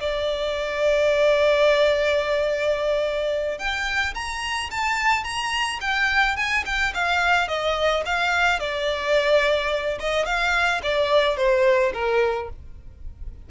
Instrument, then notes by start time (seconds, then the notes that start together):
violin
0.00 D5
3.58 G5
4.14 A#5
4.71 A5
5.24 A#5
5.81 G5
6.36 G#5
6.65 G5
6.94 F5
7.48 D#5
8.06 F5
8.59 D5
10.00 D#5
10.26 F5
10.83 D5
11.37 C5
11.94 A#4